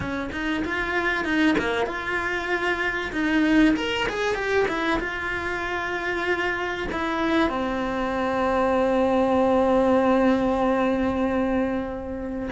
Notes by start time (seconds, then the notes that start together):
0.00 C#4
0.32 D#4
0.64 F4
1.24 D#4
1.58 A#3
1.86 F4
3.12 D#4
3.76 A#4
4.08 G#4
4.34 G4
4.68 E4
4.99 F4
6.91 E4
7.49 C4